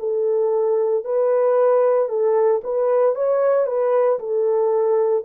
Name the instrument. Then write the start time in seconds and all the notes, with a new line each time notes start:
horn
0.00 A4
1.05 B4
2.09 A4
2.64 B4
3.16 C#5
3.67 B4
4.20 A4